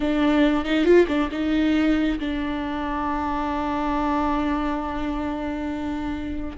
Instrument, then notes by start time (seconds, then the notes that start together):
viola
0.00 D4
0.64 D#4
0.84 F4
1.07 D4
1.31 D#4
2.19 D4